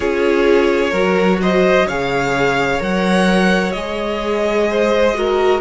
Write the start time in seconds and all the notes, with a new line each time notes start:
0.00 C#4 F4 G#4 C#5
0.90 F#3 F#4 A#4
1.42 C5 D#5
1.87 C#3 G#4 C#5 F5
2.79 F#3 A#4 F#5
3.72 G#3 G#4 D#5
4.70 C5
5.14 F#4 A#4